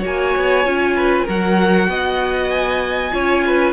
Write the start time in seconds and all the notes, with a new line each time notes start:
0.00 A#3 F#4 C#5 G#5
0.36 B3
0.65 C#4 F4
0.96 B4
1.25 F#3 F#4 A#4 F#5
1.88 B3 D#5
2.50 G#5
3.12 C#4 F4 C#5
3.46 B4